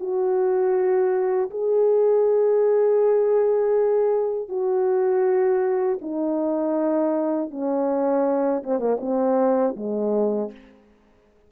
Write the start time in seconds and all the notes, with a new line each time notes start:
0.00 F#4
1.50 G#4
4.49 F#4
6.02 D#4
7.51 C#4
8.64 C4
8.80 A#3
9.01 C4
9.77 G#3